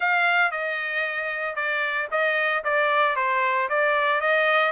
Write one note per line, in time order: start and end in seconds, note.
0.00 0.51 F5
0.51 1.55 D#5
1.55 2.08 D5
2.11 2.63 D#5
2.64 3.16 D5
3.16 3.68 C5
3.69 4.20 D5
4.20 4.72 D#5